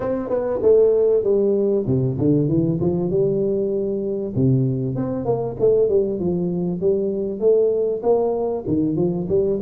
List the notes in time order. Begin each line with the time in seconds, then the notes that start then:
0.00 C4
0.29 B3
0.62 A3
1.23 G3
1.86 C3
2.18 D3
2.48 E3
2.80 F3
3.09 G3
4.35 C3
4.95 C4
5.25 A#3
5.59 A3
5.88 G3
6.19 F3
6.80 G3
7.40 A3
8.02 A#3
8.67 D#3
8.96 F3
9.28 G3